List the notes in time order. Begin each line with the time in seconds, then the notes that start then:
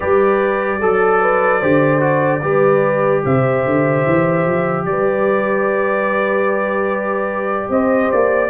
0.00 G3 G4 B4 D5
0.79 F#3 A4
1.21 B4
1.59 D3 G4 C5
1.99 F#4
2.42 G3 G4 B4
3.25 C3 C5 E5
3.65 D3
4.06 E3
4.45 F3
4.85 G3 B4 D5
7.69 C4 C5 D#5
8.11 A#3 D5